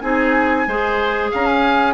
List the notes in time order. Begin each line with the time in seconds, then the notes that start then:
0.00 C4 D#4 G#4 G#5
0.67 G#3 G#4 C5
1.31 C#4 F5 A#5
1.46 G#5